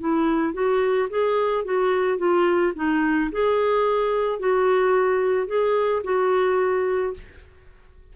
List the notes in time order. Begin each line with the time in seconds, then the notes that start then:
0.00 E4
0.54 F#4
1.10 G#4
1.65 F#4
2.18 F4
2.76 D#4
3.32 G#4
4.40 F#4
5.47 G#4
6.04 F#4